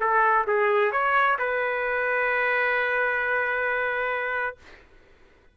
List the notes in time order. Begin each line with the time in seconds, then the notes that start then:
0.00 A4
0.46 G#4
0.92 C#5
1.38 B4